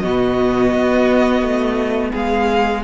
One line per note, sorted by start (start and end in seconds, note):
0.00 0.73 B2
0.00 2.84 B3
0.00 2.11 F#4
0.00 2.12 D#5
0.73 1.42 B3
1.42 2.13 A3
2.11 2.84 G#3
2.11 2.82 G#4
2.11 2.84 F5